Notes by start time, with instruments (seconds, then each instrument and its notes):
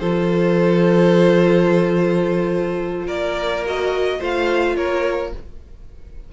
0.00 cello F3, viola F4, violin A4 C5
3.07 cello A#3, violin A#4 D5
3.66 viola F#4, violin D#5
4.20 cello A3, viola F4, violin C5 F5
4.77 cello A#3, violin A#4 C#5